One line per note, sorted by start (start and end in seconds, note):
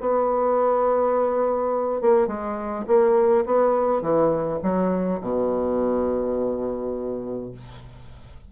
0.00 2.01 B3
2.01 2.27 A#3
2.27 2.85 G#3
2.87 3.45 A#3
3.45 4.01 B3
4.01 4.59 E3
4.62 5.20 F#3
5.21 7.51 B2